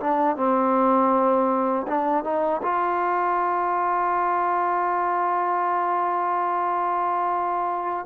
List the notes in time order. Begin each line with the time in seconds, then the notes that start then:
0.00 D4
0.36 C4
1.88 D4
2.24 D#4
2.62 F4